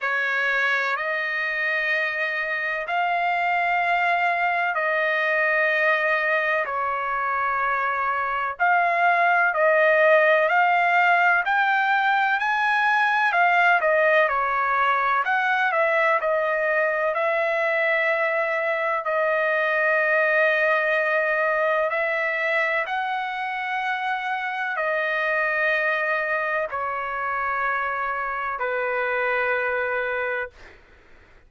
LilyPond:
\new Staff \with { instrumentName = "trumpet" } { \time 4/4 \tempo 4 = 63 cis''4 dis''2 f''4~ | f''4 dis''2 cis''4~ | cis''4 f''4 dis''4 f''4 | g''4 gis''4 f''8 dis''8 cis''4 |
fis''8 e''8 dis''4 e''2 | dis''2. e''4 | fis''2 dis''2 | cis''2 b'2 | }